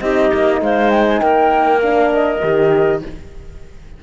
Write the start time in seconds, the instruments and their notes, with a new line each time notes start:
0.00 cello C4, horn D#4, clarinet G4, flute D#5
0.34 cello A#3
0.61 cello G#3, clarinet C5, flute F5
0.90 flute G5
1.09 flute G#5
1.21 cello A#3, clarinet A#4, flute G5
1.82 horn D4, flute F5
2.13 flute D#5
2.43 cello D#3, horn G4